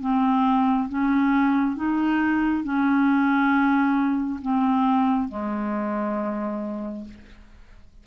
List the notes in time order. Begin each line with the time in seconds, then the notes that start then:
0.00 C4
0.89 C#4
1.76 D#4
2.64 C#4
4.41 C4
5.28 G#3